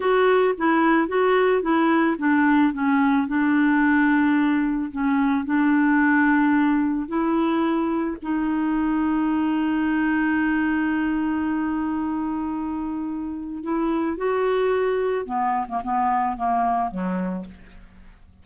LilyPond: \new Staff \with { instrumentName = "clarinet" } { \time 4/4 \tempo 4 = 110 fis'4 e'4 fis'4 e'4 | d'4 cis'4 d'2~ | d'4 cis'4 d'2~ | d'4 e'2 dis'4~ |
dis'1~ | dis'1~ | dis'4 e'4 fis'2 | b8. ais16 b4 ais4 fis4 | }